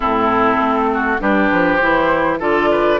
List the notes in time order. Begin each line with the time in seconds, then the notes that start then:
0.00 A2 C4 E4 A4
0.58 A3
0.94 F#4
1.19 G3 D4 G4 B4
1.51 F3
1.76 E3 E4 C5
2.39 D3 F4 A4 D5
2.71 B4